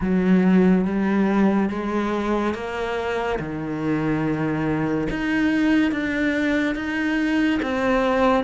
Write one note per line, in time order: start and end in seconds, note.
0.00 0.85 F#3
0.85 1.69 G3
1.69 2.54 G#3
2.54 3.38 A#3
3.39 5.08 D#3
5.09 5.91 D#4
5.91 6.75 D4
6.75 7.59 D#4
7.62 8.44 C4